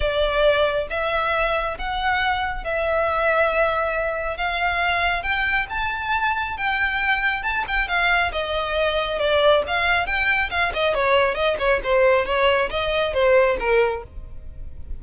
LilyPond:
\new Staff \with { instrumentName = "violin" } { \time 4/4 \tempo 4 = 137 d''2 e''2 | fis''2 e''2~ | e''2 f''2 | g''4 a''2 g''4~ |
g''4 a''8 g''8 f''4 dis''4~ | dis''4 d''4 f''4 g''4 | f''8 dis''8 cis''4 dis''8 cis''8 c''4 | cis''4 dis''4 c''4 ais'4 | }